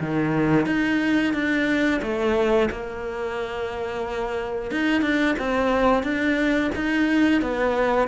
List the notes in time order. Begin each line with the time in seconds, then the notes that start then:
0.00 D#3
0.66 D#4
1.34 D4
2.02 A3
2.71 A#3
4.71 D#4
5.02 D4
5.39 C4
6.03 D4
6.75 D#4
7.42 B3